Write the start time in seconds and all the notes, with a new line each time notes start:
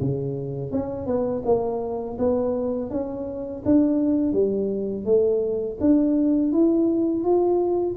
0.00 C#3
0.71 C#4
1.06 B3
1.45 A#3
2.18 B3
2.90 C#4
3.65 D4
4.32 G3
5.05 A3
5.80 D4
6.52 E4
7.24 F4